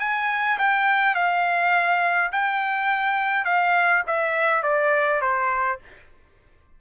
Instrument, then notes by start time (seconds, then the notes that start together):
trumpet
0.00 G#5
0.59 G5
1.15 F5
2.32 G5
3.45 F5
4.07 E5
4.63 D5
5.22 C5